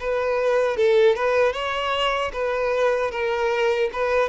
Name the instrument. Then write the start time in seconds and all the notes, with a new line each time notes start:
violin
0.00 B4
0.77 A4
1.16 B4
1.53 C#5
2.33 B4
3.11 A#4
3.93 B4